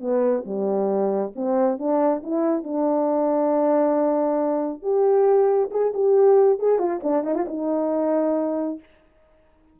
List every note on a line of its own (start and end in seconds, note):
0.00 0.44 B3
0.45 1.33 G3
1.35 1.78 C4
1.78 2.22 D4
2.23 2.63 E4
2.63 4.82 D4
4.82 5.70 G4
5.70 5.92 G#4
5.93 6.59 G4
6.59 6.78 G#4
6.78 7.00 F4
7.03 7.23 D4
7.23 7.34 D#4
7.35 7.46 F4
7.48 8.79 D#4